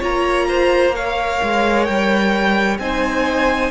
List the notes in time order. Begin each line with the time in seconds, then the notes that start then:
0.00 A#3 F4 C#5 A#5
0.49 C5
0.95 A#4 C#5 F5
1.43 G#3
1.85 G3 G5
2.79 C4 D#4 C5 G#5